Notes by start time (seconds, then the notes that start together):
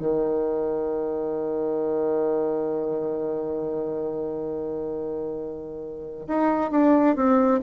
0.00 D#3
6.28 D#4
6.71 D4
7.16 C4